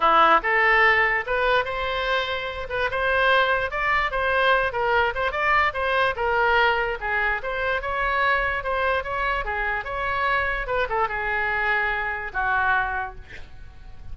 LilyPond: \new Staff \with { instrumentName = "oboe" } { \time 4/4 \tempo 4 = 146 e'4 a'2 b'4 | c''2~ c''8 b'8 c''4~ | c''4 d''4 c''4. ais'8~ | ais'8 c''8 d''4 c''4 ais'4~ |
ais'4 gis'4 c''4 cis''4~ | cis''4 c''4 cis''4 gis'4 | cis''2 b'8 a'8 gis'4~ | gis'2 fis'2 | }